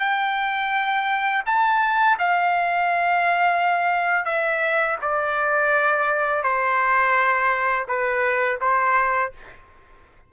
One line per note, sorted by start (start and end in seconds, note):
0.00 1.43 G5
1.46 2.18 A5
2.19 4.26 F5
4.26 4.97 E5
5.02 6.44 D5
6.44 7.87 C5
7.88 8.60 B4
8.61 9.33 C5